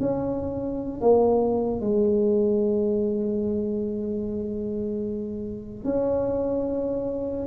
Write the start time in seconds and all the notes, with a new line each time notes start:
0.00 C#4
1.01 A#3
1.81 G#3
5.85 C#4